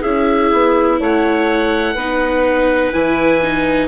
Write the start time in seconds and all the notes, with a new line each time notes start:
0.00 C#4 E4 G#4 E5
0.52 B3
0.99 A3 C#5 F#5
1.94 B3 D#4 B4
2.93 E3 E4 G#5
3.42 D#4